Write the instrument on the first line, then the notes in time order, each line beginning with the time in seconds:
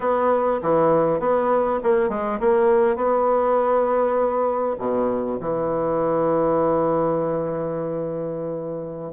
bassoon
0.00 B3
0.62 E3
1.19 B3
1.83 A#3
2.09 G#3
2.39 A#3
2.96 B3
4.78 B2
5.40 E3